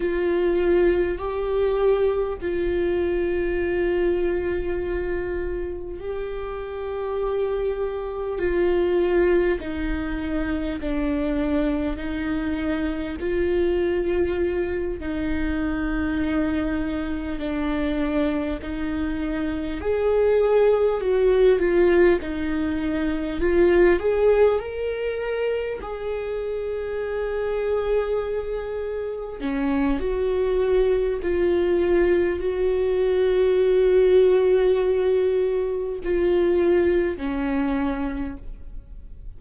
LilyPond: \new Staff \with { instrumentName = "viola" } { \time 4/4 \tempo 4 = 50 f'4 g'4 f'2~ | f'4 g'2 f'4 | dis'4 d'4 dis'4 f'4~ | f'8 dis'2 d'4 dis'8~ |
dis'8 gis'4 fis'8 f'8 dis'4 f'8 | gis'8 ais'4 gis'2~ gis'8~ | gis'8 cis'8 fis'4 f'4 fis'4~ | fis'2 f'4 cis'4 | }